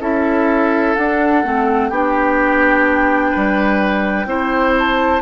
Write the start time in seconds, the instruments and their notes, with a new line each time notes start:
0.00 bassoon C#4, clarinet E4, oboe A4, flute E5
0.95 bassoon D4, clarinet D4, flute F#5
1.43 bassoon A3, clarinet C4
1.89 bassoon B3, clarinet D4, oboe G4, flute G5
3.31 bassoon G3, oboe B4
4.25 bassoon C4, clarinet E4, oboe C5
4.79 flute A5